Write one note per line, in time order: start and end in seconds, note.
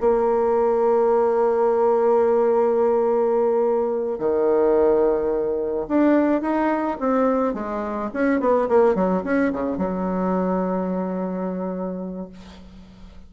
0.00 4.19 A#3
4.19 5.87 D#3
5.88 6.42 D4
6.42 6.98 D#4
7.00 7.54 C4
7.54 8.10 G#3
8.14 8.40 C#4
8.40 8.68 B3
8.69 8.95 A#3
8.95 9.23 F#3
9.24 9.52 C#4
9.53 9.77 C#3
9.77 12.30 F#3